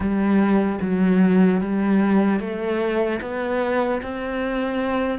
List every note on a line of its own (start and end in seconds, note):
0.00 0.79 G3
0.81 1.60 F#3
1.60 2.40 G3
2.40 3.20 A3
3.21 4.01 B3
4.02 5.19 C4